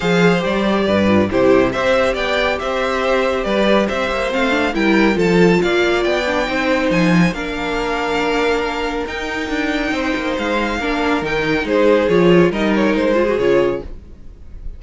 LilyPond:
<<
  \new Staff \with { instrumentName = "violin" } { \time 4/4 \tempo 4 = 139 f''4 d''2 c''4 | e''4 g''4 e''2 | d''4 e''4 f''4 g''4 | a''4 f''4 g''2 |
gis''4 f''2.~ | f''4 g''2. | f''2 g''4 c''4 | cis''4 dis''8 cis''8 c''4 cis''4 | }
  \new Staff \with { instrumentName = "violin" } { \time 4/4 c''2 b'4 g'4 | c''4 d''4 c''2 | b'4 c''2 ais'4 | a'4 d''2 c''4~ |
c''4 ais'2.~ | ais'2. c''4~ | c''4 ais'2 gis'4~ | gis'4 ais'4. gis'4. | }
  \new Staff \with { instrumentName = "viola" } { \time 4/4 gis'4 g'4. f'8 e'4 | g'1~ | g'2 c'8 d'8 e'4 | f'2~ f'8 d'8 dis'4~ |
dis'4 d'2.~ | d'4 dis'2.~ | dis'4 d'4 dis'2 | f'4 dis'4. f'16 fis'16 f'4 | }
  \new Staff \with { instrumentName = "cello" } { \time 4/4 f4 g4 g,4 c4 | c'4 b4 c'2 | g4 c'8 ais8 a4 g4 | f4 ais4 b4 c'4 |
f4 ais2.~ | ais4 dis'4 d'4 c'8 ais8 | gis4 ais4 dis4 gis4 | f4 g4 gis4 cis4 | }
>>